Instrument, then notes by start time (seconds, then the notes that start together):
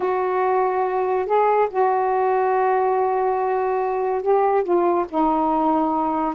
saxophone
0.00 F#4
1.26 G#4
1.70 F#4
4.22 G4
4.63 F4
5.08 D#4